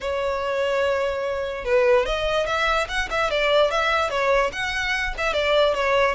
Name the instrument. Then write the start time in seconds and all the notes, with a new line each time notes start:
violin
0.01 C#5
1.64 B4
2.05 D#5
2.46 E5
2.88 F#5
3.10 E5
3.30 D5
3.70 E5
4.10 C#5
4.52 F#5
5.17 E5
5.33 D5
5.74 C#5